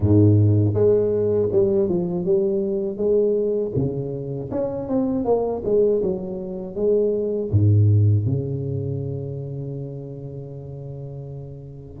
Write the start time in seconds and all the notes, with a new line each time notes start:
0.00 G#2
0.73 G#3
1.52 G3
1.89 F3
2.25 G3
2.97 G#3
3.75 C#3
4.51 C#4
4.88 C4
5.25 A#3
5.64 G#3
6.02 F#3
6.75 G#3
7.51 G#2
8.25 C#3